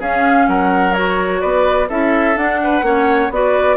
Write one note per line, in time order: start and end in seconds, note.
0.00 0.47 C#4
0.00 0.92 C#4
0.00 0.47 G#4
0.00 0.48 F5
0.48 1.42 F#3
0.48 1.41 A#4
0.48 0.94 F#5
0.92 1.87 F#4
0.92 1.41 C#5
1.41 1.90 B3
1.41 1.88 B4
1.41 1.88 D5
1.89 2.36 C#4
1.89 2.35 E4
1.89 2.60 A4
1.89 2.37 E5
2.35 2.83 D4
2.35 2.82 D4
2.35 3.32 F#5
2.64 2.85 B4
2.82 3.29 A#3
2.82 3.30 C#4
2.82 3.32 C#5
3.30 3.77 B3
3.30 3.77 F#4
3.30 3.77 B4
3.30 3.77 D5